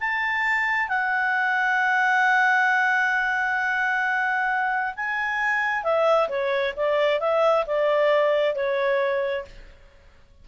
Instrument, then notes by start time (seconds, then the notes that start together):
clarinet
0.00 A5
0.88 F#5
4.96 G#5
5.83 E5
6.29 C#5
6.76 D5
7.20 E5
7.66 D5
8.55 C#5